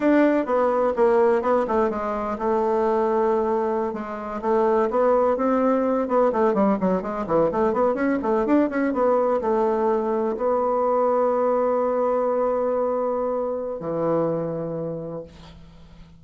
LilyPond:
\new Staff \with { instrumentName = "bassoon" } { \time 4/4 \tempo 4 = 126 d'4 b4 ais4 b8 a8 | gis4 a2.~ | a16 gis4 a4 b4 c'8.~ | c'8. b8 a8 g8 fis8 gis8 e8 a16~ |
a16 b8 cis'8 a8 d'8 cis'8 b4 a16~ | a4.~ a16 b2~ b16~ | b1~ | b4 e2. | }